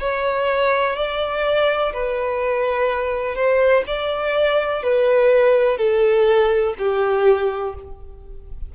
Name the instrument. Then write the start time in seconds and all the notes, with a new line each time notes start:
violin
0.00 C#5
0.96 D5
1.94 B4
3.35 C5
3.87 D5
4.83 B4
5.78 A4
6.78 G4